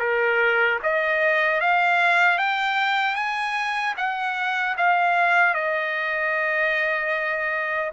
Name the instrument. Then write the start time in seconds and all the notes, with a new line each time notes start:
trumpet
0.00 A#4
0.83 D#5
1.61 F5
2.38 G5
3.15 G#5
3.97 F#5
4.78 F5
5.54 D#5